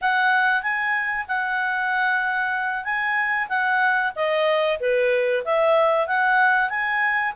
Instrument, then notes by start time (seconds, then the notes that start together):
clarinet
0.01 F#5
0.62 G#5
1.28 F#5
2.84 G#5
3.48 F#5
4.15 D#5
4.80 B4
5.44 E5
6.07 F#5
6.69 G#5